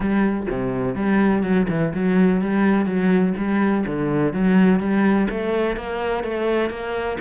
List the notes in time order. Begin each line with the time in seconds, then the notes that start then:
0.00 G3
0.50 C3
0.95 G3
1.42 F#3
1.69 E3
1.94 F#3
2.41 G3
2.85 F#3
3.37 G3
3.86 D3
4.33 F#3
4.79 G3
5.30 A3
5.76 A#3
6.23 A3
6.70 A#3